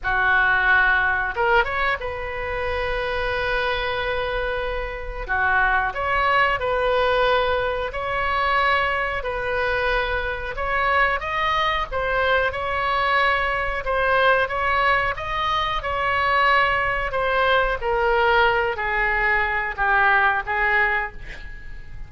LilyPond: \new Staff \with { instrumentName = "oboe" } { \time 4/4 \tempo 4 = 91 fis'2 ais'8 cis''8 b'4~ | b'1 | fis'4 cis''4 b'2 | cis''2 b'2 |
cis''4 dis''4 c''4 cis''4~ | cis''4 c''4 cis''4 dis''4 | cis''2 c''4 ais'4~ | ais'8 gis'4. g'4 gis'4 | }